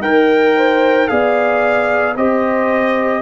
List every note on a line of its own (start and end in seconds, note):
0.00 1.07 D#4
0.00 1.08 A#4
0.00 0.56 A#4
0.00 1.07 G5
0.56 1.09 C5
1.07 2.16 B3
1.07 2.15 G#4
1.07 2.17 D5
1.07 2.15 F5
2.16 3.22 C4
2.16 3.22 G4
2.16 3.22 C5
2.16 3.22 D#5